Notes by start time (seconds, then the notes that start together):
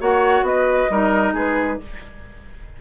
0.00 A#3 F#4 C#5 F#5
0.42 B3 B4 D#5
0.90 G3 D#4 A#4
1.33 G#3 G#4 B4